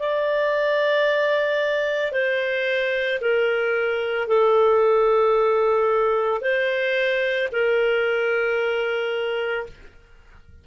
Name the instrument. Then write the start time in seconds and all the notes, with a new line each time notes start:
clarinet
0.00 D5
2.12 C5
3.21 A#4
4.28 A4
6.41 C5
7.52 A#4